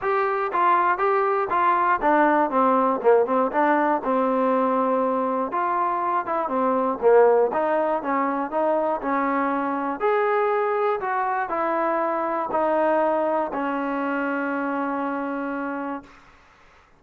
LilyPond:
\new Staff \with { instrumentName = "trombone" } { \time 4/4 \tempo 4 = 120 g'4 f'4 g'4 f'4 | d'4 c'4 ais8 c'8 d'4 | c'2. f'4~ | f'8 e'8 c'4 ais4 dis'4 |
cis'4 dis'4 cis'2 | gis'2 fis'4 e'4~ | e'4 dis'2 cis'4~ | cis'1 | }